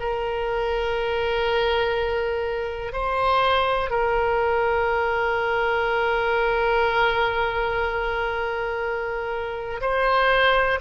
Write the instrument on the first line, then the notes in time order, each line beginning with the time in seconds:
oboe
0.00 A#4
2.93 C5
3.91 A#4
9.81 C5